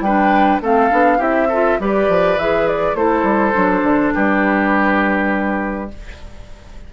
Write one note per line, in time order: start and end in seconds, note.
0.00 0.59 G3
0.00 0.61 D4
0.00 0.62 B4
0.00 0.60 G5
0.61 0.91 A3
0.61 0.90 C4
0.61 1.18 A4
0.61 1.21 F5
0.90 1.19 B3
0.90 1.18 D4
1.18 1.78 C4
1.18 1.48 E4
1.18 1.47 G4
1.18 1.80 E5
1.48 1.80 F4
1.48 1.77 A4
1.79 2.08 G3
1.79 2.38 G4
1.79 2.97 B4
1.79 2.38 D5
2.08 2.37 F3
2.37 2.94 E3
2.37 2.96 G#4
2.37 2.67 E5
2.67 2.95 D5
2.94 3.23 A3
2.94 3.52 E4
2.94 4.14 A4
2.94 4.13 C5
3.23 3.52 G3
3.52 3.82 F#3
3.52 5.88 D4
3.82 4.12 D3
4.13 5.93 G3
4.13 5.90 G4
4.13 5.90 B4